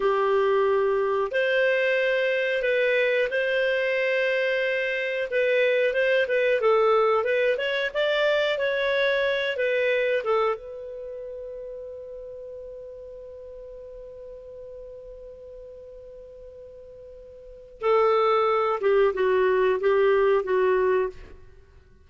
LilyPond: \new Staff \with { instrumentName = "clarinet" } { \time 4/4 \tempo 4 = 91 g'2 c''2 | b'4 c''2. | b'4 c''8 b'8 a'4 b'8 cis''8 | d''4 cis''4. b'4 a'8 |
b'1~ | b'1~ | b'2. a'4~ | a'8 g'8 fis'4 g'4 fis'4 | }